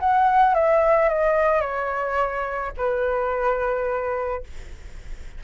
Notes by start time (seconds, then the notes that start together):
0.00 F#5
0.55 E5
1.09 D#5
1.61 C#5
2.78 B4